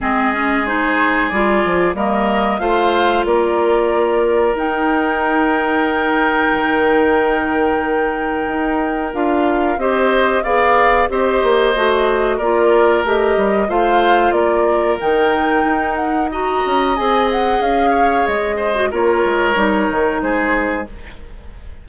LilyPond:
<<
  \new Staff \with { instrumentName = "flute" } { \time 4/4 \tempo 4 = 92 dis''4 c''4 d''4 dis''4 | f''4 d''2 g''4~ | g''1~ | g''2 f''4 dis''4 |
f''4 dis''2 d''4 | dis''4 f''4 d''4 g''4~ | g''8 fis''8 ais''4 gis''8 fis''8 f''4 | dis''4 cis''2 c''4 | }
  \new Staff \with { instrumentName = "oboe" } { \time 4/4 gis'2. ais'4 | c''4 ais'2.~ | ais'1~ | ais'2. c''4 |
d''4 c''2 ais'4~ | ais'4 c''4 ais'2~ | ais'4 dis''2~ dis''8 cis''8~ | cis''8 c''8 ais'2 gis'4 | }
  \new Staff \with { instrumentName = "clarinet" } { \time 4/4 c'8 cis'8 dis'4 f'4 ais4 | f'2. dis'4~ | dis'1~ | dis'2 f'4 g'4 |
gis'4 g'4 fis'4 f'4 | g'4 f'2 dis'4~ | dis'4 fis'4 gis'2~ | gis'8. fis'16 f'4 dis'2 | }
  \new Staff \with { instrumentName = "bassoon" } { \time 4/4 gis2 g8 f8 g4 | a4 ais2 dis'4~ | dis'2 dis2~ | dis4 dis'4 d'4 c'4 |
b4 c'8 ais8 a4 ais4 | a8 g8 a4 ais4 dis4 | dis'4. cis'8 c'4 cis'4 | gis4 ais8 gis8 g8 dis8 gis4 | }
>>